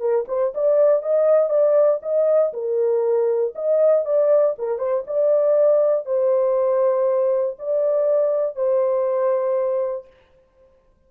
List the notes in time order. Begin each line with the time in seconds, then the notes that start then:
0.00 A#4
0.28 C5
0.54 D5
1.02 D#5
1.50 D5
2.02 D#5
2.53 A#4
3.55 D#5
4.05 D5
4.58 A#4
4.78 C5
5.07 D5
6.05 C5
7.59 D5
8.56 C5